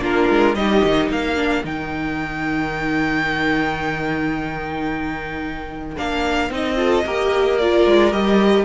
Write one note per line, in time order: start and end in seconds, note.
0.00 0.29 A#3
0.00 0.54 D4
0.00 0.56 F4
0.00 0.55 A#4
0.30 0.55 G#3
0.55 0.82 G3
0.55 1.36 D#4
0.55 1.12 G4
0.55 1.09 D#5
0.84 1.09 D#3
1.09 1.63 A#3
1.09 6.78 A#4
1.09 1.65 F5
1.36 1.63 D4
1.64 5.96 D#3
1.64 5.97 D#4
1.64 5.97 G5
5.97 6.50 A#3
5.97 6.51 D4
5.97 6.51 F5
6.50 7.04 C4
6.50 6.76 D#4
6.50 7.58 D#5
6.76 7.03 F4
6.76 7.05 A4
7.05 7.86 A#3
7.05 7.60 G4
7.05 8.65 A#4
7.58 8.12 F4
7.58 8.12 D5
7.86 8.12 G#3
8.12 8.65 G3
8.12 8.65 G4
8.12 8.65 D#5